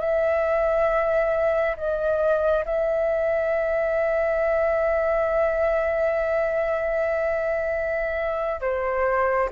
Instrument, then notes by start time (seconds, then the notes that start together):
flute
0.00 E5
1.77 D#5
2.66 E5
8.61 C5